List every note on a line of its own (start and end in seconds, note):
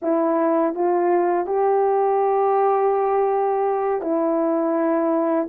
0.02 0.74 E4
0.74 1.46 F4
1.46 4.01 G4
4.01 5.48 E4